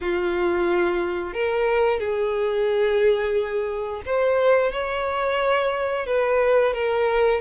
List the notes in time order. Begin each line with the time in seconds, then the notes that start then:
0.00 F4
1.33 A#4
1.99 G#4
4.05 C5
4.72 C#5
6.06 B4
6.73 A#4